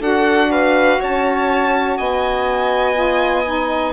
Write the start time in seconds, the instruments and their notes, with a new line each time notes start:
0.00 bassoon D4, saxophone F#4, violin A4 F#5
0.51 violin B4 F5
1.00 bassoon C#4, violin C#5 A5
1.98 bassoon B3, violin D#5 G#5
2.94 saxophone F4
3.46 saxophone D#4